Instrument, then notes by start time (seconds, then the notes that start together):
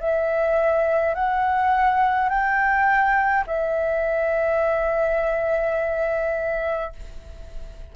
flute
0.00 E5
1.15 F#5
2.29 G5
3.47 E5